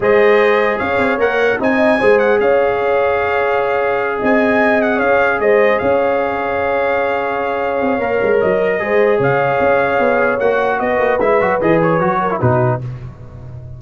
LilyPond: <<
  \new Staff \with { instrumentName = "trumpet" } { \time 4/4 \tempo 4 = 150 dis''2 f''4 fis''4 | gis''4. fis''8 f''2~ | f''2~ f''8 gis''4. | fis''8 f''4 dis''4 f''4.~ |
f''1~ | f''4 dis''2 f''4~ | f''2 fis''4 dis''4 | e''4 dis''8 cis''4. b'4 | }
  \new Staff \with { instrumentName = "horn" } { \time 4/4 c''2 cis''2 | dis''4 c''4 cis''2~ | cis''2~ cis''8 dis''4.~ | dis''8 cis''4 c''4 cis''4.~ |
cis''1~ | cis''2 c''4 cis''4~ | cis''2. b'4~ | b'2~ b'8 ais'8 fis'4 | }
  \new Staff \with { instrumentName = "trombone" } { \time 4/4 gis'2. ais'4 | dis'4 gis'2.~ | gis'1~ | gis'1~ |
gis'1 | ais'2 gis'2~ | gis'2 fis'2 | e'8 fis'8 gis'4 fis'8. e'16 dis'4 | }
  \new Staff \with { instrumentName = "tuba" } { \time 4/4 gis2 cis'8 c'8 ais4 | c'4 gis4 cis'2~ | cis'2~ cis'8 c'4.~ | c'8 cis'4 gis4 cis'4.~ |
cis'2.~ cis'8 c'8 | ais8 gis8 fis4 gis4 cis4 | cis'4 b4 ais4 b8 ais8 | gis8 fis8 e4 fis4 b,4 | }
>>